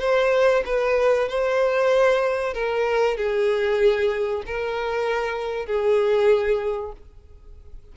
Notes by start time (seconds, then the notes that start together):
0.00 C5
0.65 B4
1.28 C5
2.54 A#4
3.17 G#4
4.46 A#4
5.66 G#4